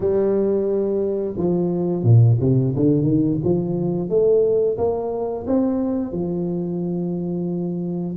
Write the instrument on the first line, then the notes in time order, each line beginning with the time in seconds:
tuba
0.00 G3
1.36 F3
2.03 A#2
2.40 C3
2.76 D3
3.02 D#3
3.43 F3
4.09 A3
4.77 A#3
5.47 C4
6.12 F3